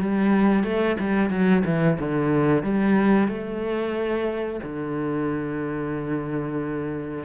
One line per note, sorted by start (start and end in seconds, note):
0.00 0.63 G3
0.63 0.96 A3
1.00 1.30 G3
1.30 1.63 F#3
1.65 1.98 E3
1.99 2.63 D3
2.63 3.28 G3
3.28 4.60 A3
4.63 7.24 D3